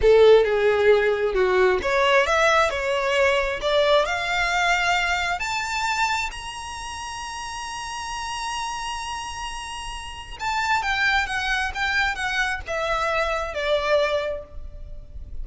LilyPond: \new Staff \with { instrumentName = "violin" } { \time 4/4 \tempo 4 = 133 a'4 gis'2 fis'4 | cis''4 e''4 cis''2 | d''4 f''2. | a''2 ais''2~ |
ais''1~ | ais''2. a''4 | g''4 fis''4 g''4 fis''4 | e''2 d''2 | }